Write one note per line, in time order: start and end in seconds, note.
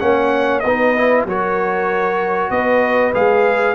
0.00 0.64 A#3
0.00 0.62 C#4
0.00 0.64 C#5
0.00 0.60 F#5
0.60 1.25 B3
0.60 1.27 B4
0.60 1.23 D#5
0.67 0.97 D#4
0.97 1.28 E4
1.25 2.50 F#3
1.25 3.14 F#4
1.25 2.53 A#4
1.25 2.51 C#5
2.51 3.13 B3
2.51 3.76 B4
2.51 3.14 D#5
3.14 3.76 G#3
3.14 3.76 G#4
3.14 3.76 F5